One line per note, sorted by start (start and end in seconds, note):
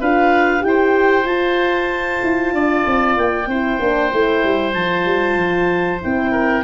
0.00 0.64 D4
0.00 0.60 F4
0.00 0.63 B4
0.00 0.64 F5
0.60 1.25 E4
0.60 1.23 G4
0.60 1.26 G5
0.67 2.54 C5
1.25 2.20 F4
1.25 3.47 F4
1.25 3.16 A5
2.23 2.53 E4
2.53 2.85 D4
2.53 3.49 D5
2.86 3.17 C4
3.17 3.47 A#3
3.17 4.74 G5
3.47 3.78 C4
3.47 3.81 E4
3.47 6.31 C5
3.79 4.11 A#3
3.79 4.12 D4
4.12 4.44 A3
4.12 4.75 E4
4.44 4.74 G3
4.74 5.05 F3
4.74 6.01 F4
4.74 6.00 A5
5.05 5.36 G3
5.36 5.99 F3
6.01 6.64 C4
6.01 6.64 E4
6.01 6.64 G5
6.31 6.63 A#4